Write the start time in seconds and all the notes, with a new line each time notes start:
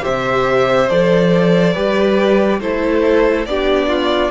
0.00 C3 G4 C5 E5
0.89 F3 A4 D5
1.73 G3 G4 B4
2.60 A3 E4 A4 C5
3.45 B3 D4 G4 D5
3.88 F4